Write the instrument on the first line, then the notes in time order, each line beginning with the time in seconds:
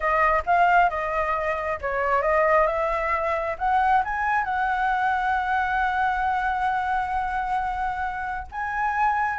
flute
0.00 D#5
0.46 F5
0.89 D#5
1.81 C#5
2.22 D#5
2.66 E5
3.58 F#5
4.04 G#5
4.44 F#5
8.51 G#5